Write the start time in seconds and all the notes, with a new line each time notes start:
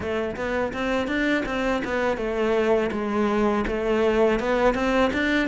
0.00 A3
0.36 B3
0.73 C4
1.07 D4
1.45 C4
1.84 B3
2.17 A3
2.91 G#3
3.67 A3
4.39 B3
4.74 C4
5.13 D4